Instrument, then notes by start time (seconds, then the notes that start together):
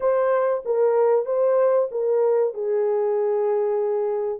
horn
0.00 C5
0.65 A#4
1.25 C5
1.91 A#4
2.53 G#4